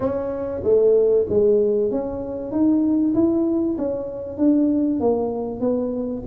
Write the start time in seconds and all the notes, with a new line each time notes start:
0.00 C#4
0.63 A3
1.29 G#3
1.91 C#4
2.51 D#4
3.14 E4
3.78 C#4
4.37 D4
5.00 A#3
5.60 B3